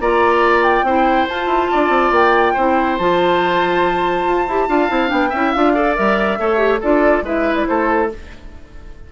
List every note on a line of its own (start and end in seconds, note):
0.00 0.83 A#3
0.00 0.86 F4
0.00 0.86 D5
0.00 0.63 A#5
0.63 1.27 G5
0.83 1.25 C4
0.83 1.29 E4
0.83 1.71 C5
1.28 2.57 F4
1.28 1.46 F4
1.28 2.13 A5
1.46 1.67 E4
1.71 1.89 D4
1.71 2.53 D5
1.89 2.10 C4
2.11 2.54 A#3
2.11 2.98 G5
2.53 2.99 C4
2.53 3.00 E4
2.53 4.66 C5
2.98 4.25 F3
2.98 4.48 F4
2.98 5.10 A5
4.25 4.46 F4
4.48 4.69 E4
4.48 4.68 G4
4.68 4.90 D4
4.68 4.89 F4
4.68 5.30 F5
4.89 5.11 C4
4.89 5.07 E4
5.07 5.33 B3
5.07 5.29 D4
5.07 5.52 G5
5.30 5.54 C#4
5.30 5.55 E4
5.30 5.72 E5
5.52 5.98 D4
5.52 5.75 F4
5.52 5.94 F5
5.74 5.96 A4
5.74 6.38 D5
5.96 6.39 G3
5.96 6.38 A#4
5.96 6.81 E5
6.39 6.81 A3
6.39 6.57 A4
6.39 6.80 C#5
6.57 6.79 G4
6.80 7.22 D4
6.80 7.24 F4
6.80 7.23 A4
6.80 7.25 D5
7.22 7.65 G#3
7.22 8.09 E4
7.22 7.68 B4
7.22 7.55 E5
7.55 7.66 D5
7.67 8.12 A3
7.67 8.12 A4
7.67 8.09 C5